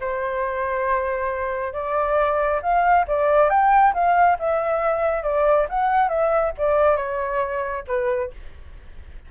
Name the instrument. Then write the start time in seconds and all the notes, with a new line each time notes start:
flute
0.00 C5
1.73 D5
2.62 F5
3.07 D5
3.49 G5
3.93 F5
4.39 E5
5.23 D5
5.69 F#5
6.08 E5
6.58 D5
6.96 C#5
7.87 B4